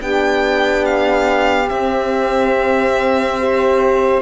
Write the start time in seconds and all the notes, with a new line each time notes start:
0.00 B3 D4 G4 G5
0.85 F5
1.67 C4 E5
3.39 G4 C5